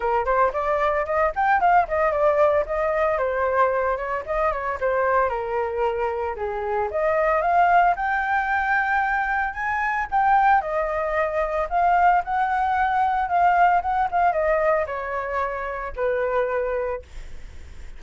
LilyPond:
\new Staff \with { instrumentName = "flute" } { \time 4/4 \tempo 4 = 113 ais'8 c''8 d''4 dis''8 g''8 f''8 dis''8 | d''4 dis''4 c''4. cis''8 | dis''8 cis''8 c''4 ais'2 | gis'4 dis''4 f''4 g''4~ |
g''2 gis''4 g''4 | dis''2 f''4 fis''4~ | fis''4 f''4 fis''8 f''8 dis''4 | cis''2 b'2 | }